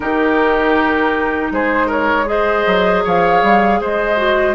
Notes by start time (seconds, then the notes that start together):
0.00 D#3 D#4 G4 A#4
1.51 G#3 G#4 C5
1.86 A#4 C#5
2.25 G#4 C5 D#5
2.66 F#3
3.04 F3 C#5 F5
3.42 G3
3.80 G#3 C5 D#5
4.16 F#4